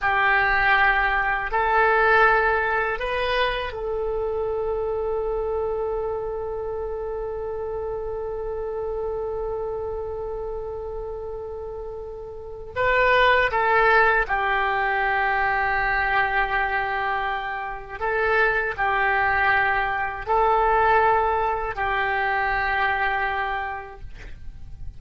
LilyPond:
\new Staff \with { instrumentName = "oboe" } { \time 4/4 \tempo 4 = 80 g'2 a'2 | b'4 a'2.~ | a'1~ | a'1~ |
a'4 b'4 a'4 g'4~ | g'1 | a'4 g'2 a'4~ | a'4 g'2. | }